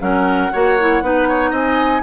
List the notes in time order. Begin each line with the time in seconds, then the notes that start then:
0.00 F#3 C#4 A#4 F#5
0.53 A#3 F#4 C#5
0.80 E4
1.02 B3 D#4 B4
1.29 C#5
1.51 C4 D#5 G#5